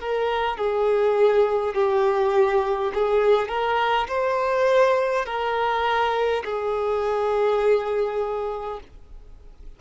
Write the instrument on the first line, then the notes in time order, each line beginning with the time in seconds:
violin
0.00 A#4
0.57 G#4
1.75 G4
2.94 G#4
3.49 A#4
4.08 C5
5.26 A#4
6.45 G#4